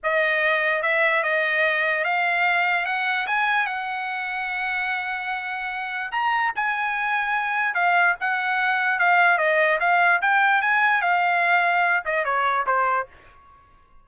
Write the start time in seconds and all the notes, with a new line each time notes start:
0.03 D#5
0.82 E5
1.23 D#5
2.04 F5
2.85 F#5
3.27 G#5
3.66 F#5
6.11 A#5
6.55 G#5
7.74 F5
8.20 F#5
8.99 F5
9.37 D#5
9.80 F5
10.21 G5
10.61 G#5
11.01 F5
12.05 D#5
12.24 C#5
12.66 C5